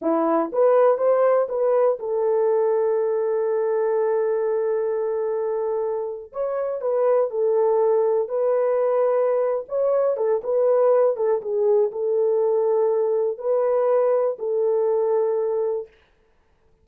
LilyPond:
\new Staff \with { instrumentName = "horn" } { \time 4/4 \tempo 4 = 121 e'4 b'4 c''4 b'4 | a'1~ | a'1~ | a'8. cis''4 b'4 a'4~ a'16~ |
a'8. b'2~ b'8. cis''8~ | cis''8 a'8 b'4. a'8 gis'4 | a'2. b'4~ | b'4 a'2. | }